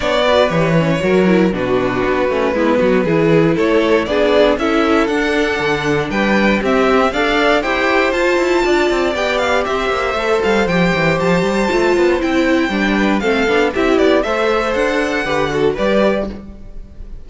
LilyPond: <<
  \new Staff \with { instrumentName = "violin" } { \time 4/4 \tempo 4 = 118 d''4 cis''2 b'4~ | b'2. cis''4 | d''4 e''4 fis''2 | g''4 e''4 f''4 g''4 |
a''2 g''8 f''8 e''4~ | e''8 f''8 g''4 a''2 | g''2 f''4 e''8 d''8 | e''4 fis''2 d''4 | }
  \new Staff \with { instrumentName = "violin" } { \time 4/4 cis''8 b'4. ais'4 fis'4~ | fis'4 e'8 fis'8 gis'4 a'4 | gis'4 a'2. | b'4 g'4 d''4 c''4~ |
c''4 d''2 c''4~ | c''1~ | c''4. b'8 a'4 g'4 | c''2 b'8 a'8 b'4 | }
  \new Staff \with { instrumentName = "viola" } { \time 4/4 d'8 fis'8 g'8 cis'8 fis'8 e'8 d'4~ | d'8 cis'8 b4 e'2 | d'4 e'4 d'2~ | d'4 c'4 a'4 g'4 |
f'2 g'2 | a'4 g'2 f'4 | e'4 d'4 c'8 d'8 e'4 | a'2 g'8 fis'8 g'4 | }
  \new Staff \with { instrumentName = "cello" } { \time 4/4 b4 e4 fis4 b,4 | b8 a8 gis8 fis8 e4 a4 | b4 cis'4 d'4 d4 | g4 c'4 d'4 e'4 |
f'8 e'8 d'8 c'8 b4 c'8 ais8 | a8 g8 f8 e8 f8 g8 a8 b8 | c'4 g4 a8 b8 c'8 b8 | a4 d'4 d4 g4 | }
>>